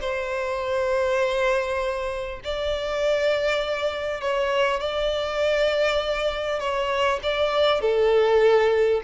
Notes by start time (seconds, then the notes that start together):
0.00 C5
2.44 D5
4.21 C#5
4.80 D5
6.59 C#5
7.22 D5
7.81 A4